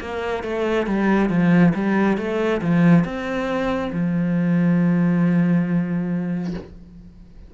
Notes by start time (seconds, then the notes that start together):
0.00 A#3
0.43 A3
0.87 G3
1.30 F3
1.75 G3
2.18 A3
2.61 F3
3.05 C4
3.93 F3